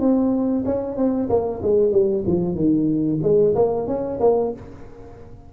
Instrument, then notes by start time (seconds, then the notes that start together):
tuba
0.00 C4
0.66 C#4
0.97 C4
1.30 A#3
1.63 G#3
1.92 G3
2.27 F3
2.55 D#3
3.23 G#3
3.56 A#3
3.87 C#4
4.21 A#3